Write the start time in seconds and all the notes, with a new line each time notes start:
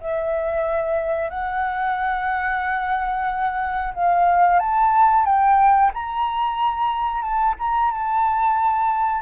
0.00 E5
1.30 F#5
3.94 F5
4.59 A5
5.25 G5
5.94 A#5
7.22 A5
7.59 A#5
7.91 A5